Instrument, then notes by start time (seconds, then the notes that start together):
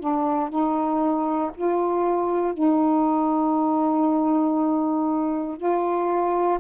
saxophone
0.00 D4
0.49 D#4
1.55 F4
2.54 D#4
5.57 F4